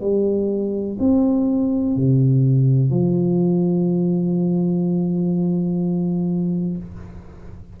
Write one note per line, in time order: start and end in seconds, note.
0.00 0.97 G3
0.99 1.96 C4
1.96 2.90 C3
2.90 6.77 F3